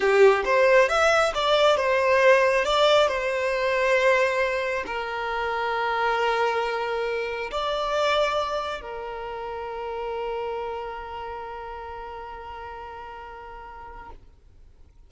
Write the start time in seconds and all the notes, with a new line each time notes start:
0.00 G4
0.45 C5
0.88 E5
1.34 D5
1.76 C5
2.65 D5
3.08 C5
4.86 A#4
7.51 D5
8.81 A#4